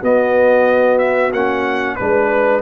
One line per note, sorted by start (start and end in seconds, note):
0.00 1.32 B3
0.00 1.33 B3
0.00 1.96 F#4
0.00 0.98 D#5
0.98 1.31 E5
1.33 1.98 A#3
1.33 1.99 C#4
1.33 1.96 F#5
1.96 2.62 G#3
1.96 2.62 D4
1.96 2.61 B4
1.96 2.62 B4